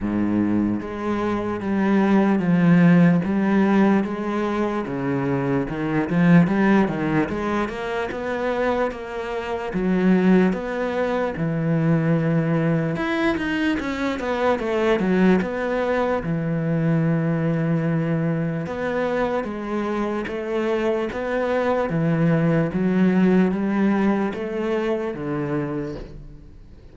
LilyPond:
\new Staff \with { instrumentName = "cello" } { \time 4/4 \tempo 4 = 74 gis,4 gis4 g4 f4 | g4 gis4 cis4 dis8 f8 | g8 dis8 gis8 ais8 b4 ais4 | fis4 b4 e2 |
e'8 dis'8 cis'8 b8 a8 fis8 b4 | e2. b4 | gis4 a4 b4 e4 | fis4 g4 a4 d4 | }